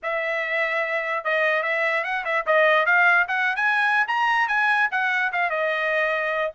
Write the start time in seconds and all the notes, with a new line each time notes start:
0.03 E5
1.24 D#5
1.63 E5
2.04 F#5
2.24 E5
2.46 D#5
2.86 F5
3.28 F#5
3.55 G#5
4.07 A#5
4.48 G#5
4.91 F#5
5.32 F5
5.49 D#5